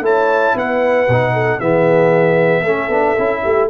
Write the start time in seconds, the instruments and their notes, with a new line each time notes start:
0.00 tuba A3, trombone E4, horn C#5, trumpet A5
0.55 tuba B3, horn B4, trumpet F#5
1.09 tuba B2, trombone D#4
1.33 horn A4
1.59 tuba E3, trombone B3, horn G#4, trumpet E5
2.62 tuba A3, trombone C#4, horn A4
2.88 tuba B3, trombone D4
3.18 tuba C#4, trombone E4
3.43 tuba A3, horn G4